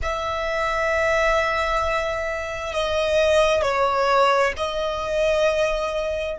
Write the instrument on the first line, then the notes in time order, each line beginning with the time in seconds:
violin
0.02 E5
2.73 D#5
3.62 C#5
4.57 D#5